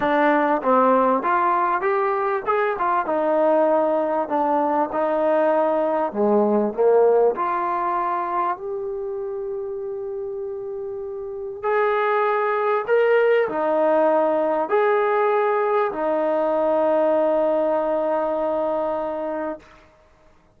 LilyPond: \new Staff \with { instrumentName = "trombone" } { \time 4/4 \tempo 4 = 98 d'4 c'4 f'4 g'4 | gis'8 f'8 dis'2 d'4 | dis'2 gis4 ais4 | f'2 g'2~ |
g'2. gis'4~ | gis'4 ais'4 dis'2 | gis'2 dis'2~ | dis'1 | }